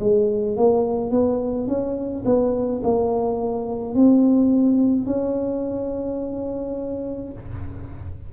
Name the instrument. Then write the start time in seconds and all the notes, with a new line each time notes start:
tuba
0.00 G#3
0.57 A#3
1.11 B3
1.68 C#4
2.25 B3
2.84 A#3
3.95 C4
5.06 C#4